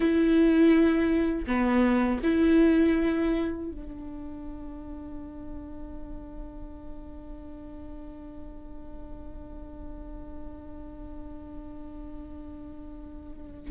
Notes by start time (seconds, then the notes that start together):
0.00 E4
1.46 B3
2.23 E4
3.71 D4